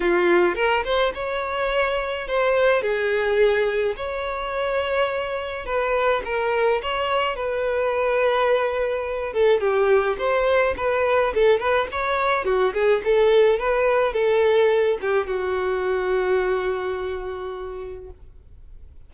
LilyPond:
\new Staff \with { instrumentName = "violin" } { \time 4/4 \tempo 4 = 106 f'4 ais'8 c''8 cis''2 | c''4 gis'2 cis''4~ | cis''2 b'4 ais'4 | cis''4 b'2.~ |
b'8 a'8 g'4 c''4 b'4 | a'8 b'8 cis''4 fis'8 gis'8 a'4 | b'4 a'4. g'8 fis'4~ | fis'1 | }